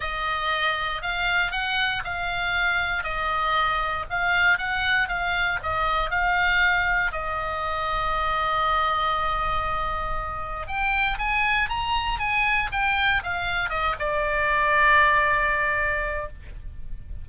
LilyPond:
\new Staff \with { instrumentName = "oboe" } { \time 4/4 \tempo 4 = 118 dis''2 f''4 fis''4 | f''2 dis''2 | f''4 fis''4 f''4 dis''4 | f''2 dis''2~ |
dis''1~ | dis''4 g''4 gis''4 ais''4 | gis''4 g''4 f''4 dis''8 d''8~ | d''1 | }